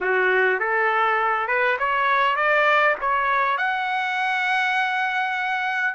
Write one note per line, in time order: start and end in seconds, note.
0.00 0.59 F#4
0.59 1.47 A4
1.47 1.77 B4
1.78 2.36 C#5
2.36 2.95 D5
3.00 3.57 C#5
3.57 5.94 F#5